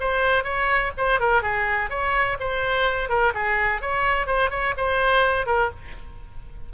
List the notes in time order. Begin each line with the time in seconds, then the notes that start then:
0.00 C5
0.44 C#5
0.97 C5
1.20 A#4
1.42 G#4
1.90 C#5
2.40 C5
3.09 A#4
3.34 G#4
3.81 C#5
4.27 C5
4.50 C#5
4.77 C5
5.46 A#4